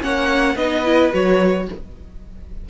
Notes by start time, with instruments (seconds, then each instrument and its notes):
0.00 cello A#3, viola C#4, violin C#5 F#5
0.55 cello B3, viola D#4, violin B4 D#5
0.85 viola E4
1.12 cello F#3, viola F#4, violin C#5